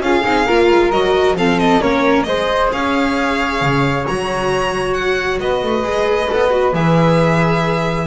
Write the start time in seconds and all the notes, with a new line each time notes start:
0.00 C#4 F4 G#4 F5
0.23 C4 D#4
0.47 A#3 F4 A#4
0.70 G#3
0.91 F#3 F#4 D#5
1.34 F3 C4 A4 F5
1.59 D#5
1.81 A#3 C#4 A#4 C#5
2.23 G#3 G#4 C5 D#5
2.72 C#4 C#5 F5
3.61 C#3
4.07 F#3 F#4 A#5
4.94 F#5
5.40 B3 B4 D#5
5.63 A3
5.83 G#3 G#4
6.30 B3 A4
6.51 F#4
6.73 E3 G#4 E5